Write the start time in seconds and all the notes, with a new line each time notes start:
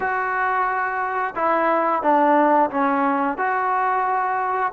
0.00 F#4
1.35 E4
2.02 D4
2.70 C#4
3.37 F#4